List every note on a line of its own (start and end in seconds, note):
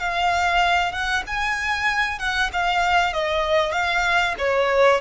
0.00 0.93 F5
0.93 1.24 F#5
1.27 2.19 G#5
2.19 2.51 F#5
2.53 3.14 F5
3.14 3.73 D#5
3.73 4.35 F5
4.39 5.01 C#5